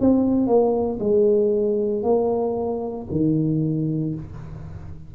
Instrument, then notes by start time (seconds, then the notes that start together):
tuba
0.00 C4
0.47 A#3
1.00 G#3
2.03 A#3
3.12 D#3